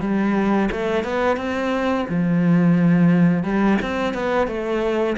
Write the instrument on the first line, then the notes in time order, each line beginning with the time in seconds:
cello
0.00 G3
0.71 A3
1.03 B3
1.36 C4
2.09 F3
3.43 G3
3.82 C4
4.13 B3
4.47 A3